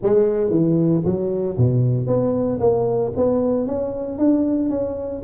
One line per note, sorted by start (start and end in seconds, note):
0.02 0.50 G#3
0.50 1.02 E3
1.04 1.57 F#3
1.57 2.07 B2
2.07 2.59 B3
2.59 3.12 A#3
3.16 3.66 B3
3.66 4.18 C#4
4.18 4.69 D4
4.69 5.22 C#4